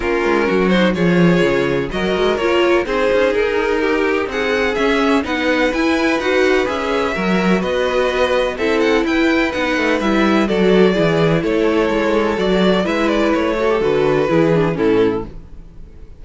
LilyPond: <<
  \new Staff \with { instrumentName = "violin" } { \time 4/4 \tempo 4 = 126 ais'4. c''8 cis''2 | dis''4 cis''4 c''4 ais'4~ | ais'4 fis''4 e''4 fis''4 | gis''4 fis''4 e''2 |
dis''2 e''8 fis''8 g''4 | fis''4 e''4 d''2 | cis''2 d''4 e''8 d''8 | cis''4 b'2 a'4 | }
  \new Staff \with { instrumentName = "violin" } { \time 4/4 f'4 fis'4 gis'2 | ais'2 gis'2 | g'4 gis'2 b'4~ | b'2. ais'4 |
b'2 a'4 b'4~ | b'2 a'4 gis'4 | a'2. b'4~ | b'8 a'4. gis'4 e'4 | }
  \new Staff \with { instrumentName = "viola" } { \time 4/4 cis'4. dis'8 f'2 | fis'4 f'4 dis'2~ | dis'2 cis'4 dis'4 | e'4 fis'4 gis'4 fis'4~ |
fis'2 e'2 | dis'4 e'4 fis'4 e'4~ | e'2 fis'4 e'4~ | e'8 fis'16 g'16 fis'4 e'8 d'8 cis'4 | }
  \new Staff \with { instrumentName = "cello" } { \time 4/4 ais8 gis8 fis4 f4 cis4 | fis8 gis8 ais4 c'8 cis'8 dis'4~ | dis'4 c'4 cis'4 b4 | e'4 dis'4 cis'4 fis4 |
b2 c'4 e'4 | b8 a8 g4 fis4 e4 | a4 gis4 fis4 gis4 | a4 d4 e4 a,4 | }
>>